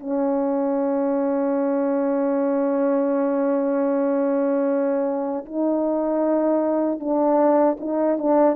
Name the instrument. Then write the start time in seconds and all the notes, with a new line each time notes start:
horn
0.00 C#4
5.46 D#4
7.00 D4
7.80 D#4
8.19 D4